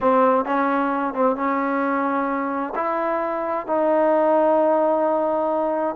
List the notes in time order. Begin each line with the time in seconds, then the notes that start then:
0.01 C4
0.45 C#4
1.13 C4
1.36 C#4
2.75 E4
3.66 D#4